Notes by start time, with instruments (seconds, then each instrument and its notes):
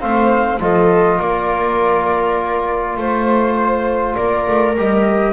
0.00 double bass A3, trombone C4, viola C5, flute F5
0.60 double bass F3, trombone F4, viola A4, flute D#5
1.17 double bass A#3, viola A#4, flute D5
2.97 double bass A3, viola C5, flute C5
4.15 double bass A#3, viola A#4, flute D5
4.47 double bass A3
4.76 double bass G3, trombone G4, flute D#5